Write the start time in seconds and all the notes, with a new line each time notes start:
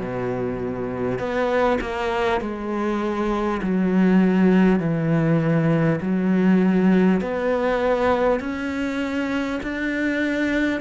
0.00 B2
1.19 B3
1.81 A#3
2.41 G#3
3.63 F#3
4.80 E3
6.02 F#3
7.21 B3
8.40 C#4
9.63 D4